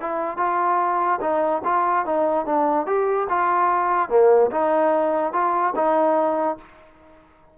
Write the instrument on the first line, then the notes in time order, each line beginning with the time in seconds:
trombone
0.00 E4
0.37 F4
1.21 D#4
1.64 F4
2.05 D#4
2.45 D4
2.86 G4
3.29 F4
4.09 A#3
4.51 D#4
5.33 F4
5.75 D#4